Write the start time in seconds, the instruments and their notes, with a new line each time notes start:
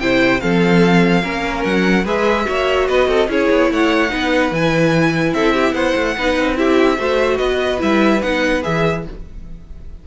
0.00 cello C3, viola E4, violin C5 G5
0.40 cello F3, viola C4, violin A4 F5
1.22 cello A#3, viola C#4, violin A#4
1.64 cello F#3, violin F#5
2.04 cello G#3, viola G#4, violin B4 E5
2.45 cello A#3, viola F#4, violin C#5
2.88 cello B3, violin B4 D#5
3.08 cello C4, violin A4
3.28 cello C#4, viola E4, violin G#4 C#5
3.51 cello B3
3.71 cello A3, violin C#5 F#5
4.09 cello B3, viola D#4, violin B4
4.51 cello E3, viola E4, violin G#5
5.34 cello C4, violin A4 E5
5.54 violin G4
5.73 cello B3, violin C5 F#5
5.96 cello A3
6.18 cello B3, viola D#4, violin B4
6.39 cello C4
6.55 viola E4, violin G4 E5
6.98 cello A3, viola F#4, violin C5
7.38 cello B3, violin B4 D#5
7.79 cello G3, viola E4, violin E5
8.22 cello B3, viola D#4, violin F#5
8.62 cello E3, viola G#4, violin E5